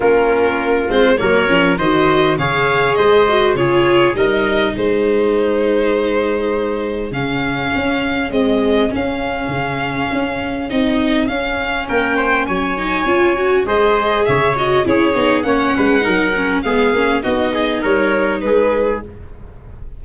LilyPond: <<
  \new Staff \with { instrumentName = "violin" } { \time 4/4 \tempo 4 = 101 ais'4. c''8 cis''4 dis''4 | f''4 dis''4 cis''4 dis''4 | c''1 | f''2 dis''4 f''4~ |
f''2 dis''4 f''4 | g''4 gis''2 dis''4 | e''8 dis''8 cis''4 fis''2 | f''4 dis''4 cis''4 b'4 | }
  \new Staff \with { instrumentName = "trumpet" } { \time 4/4 f'2 ais'4 c''4 | cis''4 c''4 gis'4 ais'4 | gis'1~ | gis'1~ |
gis'1 | ais'8 c''8 cis''2 c''4 | cis''4 gis'4 cis''8 b'8 ais'4 | gis'4 fis'8 gis'8 ais'4 gis'4 | }
  \new Staff \with { instrumentName = "viola" } { \time 4/4 cis'4. c'8 ais8 cis'8 fis'4 | gis'4. fis'8 f'4 dis'4~ | dis'1 | cis'2 gis4 cis'4~ |
cis'2 dis'4 cis'4~ | cis'4. dis'8 f'8 fis'8 gis'4~ | gis'8 fis'8 e'8 dis'8 cis'4 dis'8 cis'8 | b8 cis'8 dis'2. | }
  \new Staff \with { instrumentName = "tuba" } { \time 4/4 ais4. gis8 fis8 f8 dis4 | cis4 gis4 cis4 g4 | gis1 | cis4 cis'4 c'4 cis'4 |
cis4 cis'4 c'4 cis'4 | ais4 fis4 cis'4 gis4 | cis4 cis'8 b8 ais8 gis8 fis4 | gis8 ais8 b4 g4 gis4 | }
>>